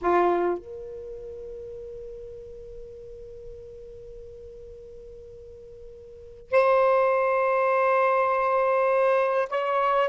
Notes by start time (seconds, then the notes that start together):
0.01 F4
0.58 A#4
6.51 C5
9.49 C#5